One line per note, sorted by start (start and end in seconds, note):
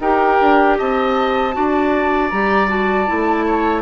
0.00 0.38 D#4
0.00 1.53 G4
0.00 0.78 A#4
0.00 0.78 G5
0.41 0.79 D4
0.78 1.56 C4
0.78 1.55 D#5
0.78 2.30 A5
1.53 2.32 D4
1.53 2.30 F#4
1.53 3.46 D5
2.30 3.09 G3
2.30 2.68 G4
2.30 2.69 A#5
2.68 3.06 F#4
2.68 3.82 A5
3.07 3.82 A3
3.07 3.82 E4
3.46 3.82 C#5